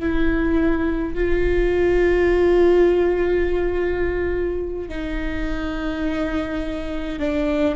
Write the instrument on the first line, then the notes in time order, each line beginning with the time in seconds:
viola
0.00 E4
1.15 F4
4.89 D#4
7.20 D4